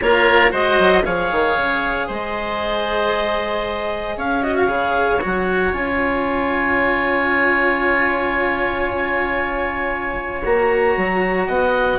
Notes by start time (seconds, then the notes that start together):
0.01 A#3 F4 A#4 C#5
0.50 G#3 F#4 C5 D#5
0.78 F#3
1.04 F3 G#4 C#5 F5
1.31 D#3
1.56 C#3
2.07 G#3 C5 D#5
4.16 C#4 C#5 F5
4.42 F#4 D#5
4.55 F5
4.67 C#3 G#4
5.21 F#3 F#4 F#5
5.72 C#4 F4 G#5
10.44 A#3 F#4 A#5
10.96 F#3
11.47 B3 D#5 F#5